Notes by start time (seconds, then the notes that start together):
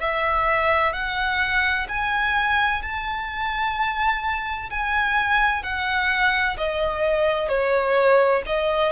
0.00 E5
0.93 F#5
1.88 G#5
2.82 A5
4.70 G#5
5.63 F#5
6.57 D#5
7.49 C#5
8.46 D#5